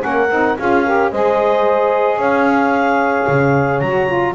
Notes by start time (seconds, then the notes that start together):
0.00 A#3 C#4 A#4 F#5
0.31 C4 D#4
0.59 C#4 F4 G#4 F5
0.85 G4 A#4
1.11 G#3 G#4 C5 D#5
2.18 C#4 C#5 F5
3.28 C#3
3.80 F#3 F#4 A#5
4.08 F4